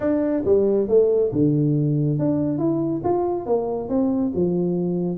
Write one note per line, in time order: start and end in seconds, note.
0.00 0.43 D4
0.45 0.88 G3
0.88 1.31 A3
1.32 2.18 D3
2.18 2.58 D4
2.58 3.01 E4
3.03 3.46 F4
3.46 3.88 A#3
3.88 4.31 C4
4.35 5.17 F3